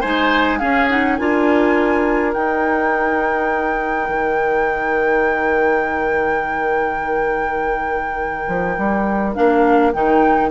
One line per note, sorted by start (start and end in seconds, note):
0.00 0.61 G#3
0.00 0.59 D#4
0.00 0.58 C5
0.00 0.58 G#5
0.58 0.88 C#4
0.58 1.19 C#4
0.58 1.17 G#4
0.58 0.87 F5
0.89 1.18 D#4
0.89 1.15 F#5
1.15 2.35 D4
1.15 2.35 F4
1.15 10.50 A#4
1.15 2.32 G#5
2.33 9.34 D#4
2.33 4.08 D#4
2.33 9.32 G5
4.08 8.45 D#3
8.47 8.77 F3
8.77 9.36 G3
9.33 9.93 A#3
9.33 9.92 D4
9.33 9.92 F5
9.92 10.50 D#3
9.92 10.50 D#4
9.92 10.50 G5